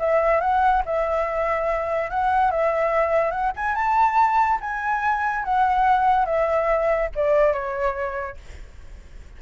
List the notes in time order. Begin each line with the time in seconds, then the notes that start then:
0.00 E5
0.41 F#5
0.86 E5
2.11 F#5
2.52 E5
3.31 F#5
3.57 G#5
3.76 A5
4.61 G#5
5.45 F#5
6.26 E5
7.16 D5
7.54 C#5